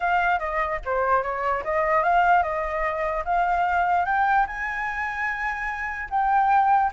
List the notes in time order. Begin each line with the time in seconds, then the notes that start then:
0.00 F5
0.39 D#5
0.85 C5
1.22 C#5
1.63 D#5
2.03 F5
2.42 D#5
3.24 F5
4.05 G5
4.46 G#5
6.10 G5